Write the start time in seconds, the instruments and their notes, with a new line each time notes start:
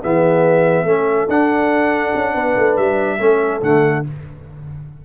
0.00 tuba E3, trombone B3, horn G#4, trumpet E5
0.84 tuba A3, trombone C#4, horn A4
1.28 tuba D4, trombone D4, trumpet F#5
2.15 tuba C#4
2.34 tuba B3, horn B4
2.56 tuba A3
2.76 tuba G3, trumpet E5
3.18 tuba A3, trombone C#4, horn A4
3.62 tuba D3, trombone A3, trumpet F#5